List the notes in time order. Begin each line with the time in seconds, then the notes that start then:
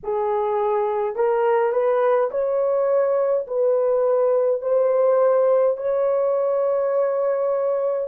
0.03 G#4
1.15 A#4
1.72 B4
2.31 C#5
3.47 B4
4.62 C5
5.77 C#5